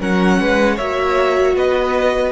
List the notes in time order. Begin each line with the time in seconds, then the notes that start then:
0.00 F#3 C#4 A#4 F#5
0.40 G#3 B4
0.76 A#3 F#4 C#5 E5
1.55 B3 B4 D#5